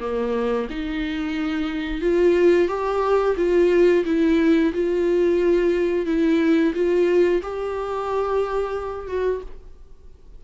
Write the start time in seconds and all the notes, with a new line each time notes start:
0.00 A#3
0.70 D#4
2.01 F4
2.68 G4
3.37 F4
4.05 E4
4.73 F4
6.06 E4
6.74 F4
7.42 G4
9.07 F#4